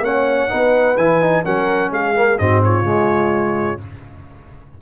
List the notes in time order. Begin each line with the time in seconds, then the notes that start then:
0.00 A#3 C#4 C#5 F#5
0.48 B3 D#4 B4
0.97 E3 E4 G#5
1.21 D#4
1.44 F#3 C#4 A#4 F#5
1.91 G#3 G#4 F5
2.15 A#3
2.38 G#2 C4 F#4 D#5
2.64 F4 C#5
2.82 C#3 G#3